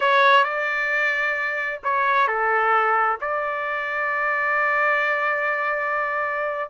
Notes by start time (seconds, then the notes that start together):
0.00 C#5
0.44 D5
1.83 C#5
2.27 A4
3.20 D5